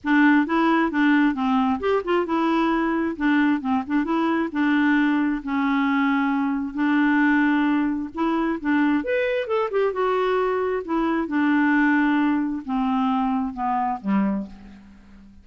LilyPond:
\new Staff \with { instrumentName = "clarinet" } { \time 4/4 \tempo 4 = 133 d'4 e'4 d'4 c'4 | g'8 f'8 e'2 d'4 | c'8 d'8 e'4 d'2 | cis'2. d'4~ |
d'2 e'4 d'4 | b'4 a'8 g'8 fis'2 | e'4 d'2. | c'2 b4 g4 | }